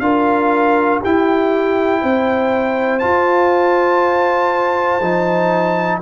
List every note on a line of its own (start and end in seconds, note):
0.00 1.00 D4
0.00 1.02 F4
0.00 1.01 A#4
0.00 1.00 F5
1.01 3.01 E4
1.01 2.04 E4
1.01 2.01 G4
1.01 3.00 G5
2.02 3.04 C4
2.02 6.02 C5
3.00 5.01 F4
3.00 6.00 A5
5.01 6.01 F3
5.01 6.02 D#4